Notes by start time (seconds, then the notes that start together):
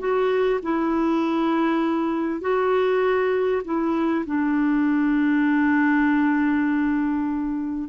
0.00 F#4
0.63 E4
2.42 F#4
3.65 E4
4.27 D4